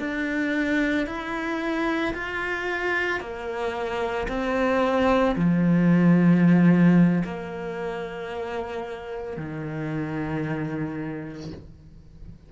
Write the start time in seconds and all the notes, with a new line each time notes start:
0.00 D4
1.07 E4
2.14 F4
3.20 A#3
4.29 C4
5.36 F3
7.25 A#3
9.37 D#3